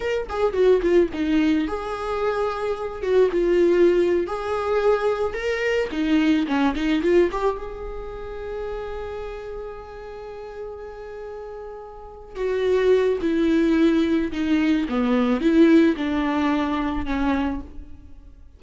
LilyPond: \new Staff \with { instrumentName = "viola" } { \time 4/4 \tempo 4 = 109 ais'8 gis'8 fis'8 f'8 dis'4 gis'4~ | gis'4. fis'8 f'4.~ f'16 gis'16~ | gis'4.~ gis'16 ais'4 dis'4 cis'16~ | cis'16 dis'8 f'8 g'8 gis'2~ gis'16~ |
gis'1~ | gis'2~ gis'8 fis'4. | e'2 dis'4 b4 | e'4 d'2 cis'4 | }